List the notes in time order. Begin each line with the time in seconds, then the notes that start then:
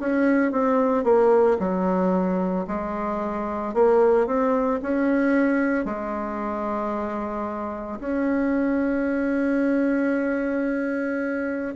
0.00 C#4
0.52 C4
1.04 A#3
1.59 F#3
2.67 G#3
3.74 A#3
4.27 C4
4.82 C#4
5.85 G#3
8.00 C#4